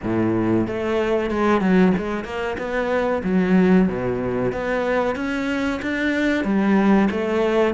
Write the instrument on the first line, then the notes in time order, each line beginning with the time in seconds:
cello
0.03 A2
0.67 A3
1.30 G#3
1.61 F#3
1.97 G#3
2.24 A#3
2.57 B3
3.23 F#3
3.88 B2
4.52 B3
5.15 C#4
5.82 D4
6.44 G3
7.10 A3